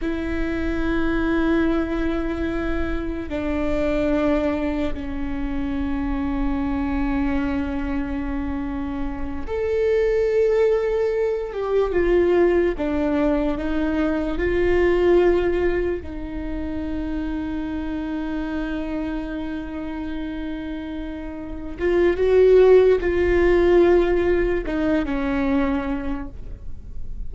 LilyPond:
\new Staff \with { instrumentName = "viola" } { \time 4/4 \tempo 4 = 73 e'1 | d'2 cis'2~ | cis'2.~ cis'8 a'8~ | a'2 g'8 f'4 d'8~ |
d'8 dis'4 f'2 dis'8~ | dis'1~ | dis'2~ dis'8 f'8 fis'4 | f'2 dis'8 cis'4. | }